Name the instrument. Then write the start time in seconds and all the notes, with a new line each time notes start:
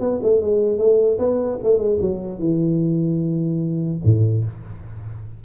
tuba
0.00 B3
0.23 A3
0.41 G#3
0.78 A3
1.18 B3
1.63 A3
1.78 G#3
2.01 F#3
2.39 E3
4.04 A2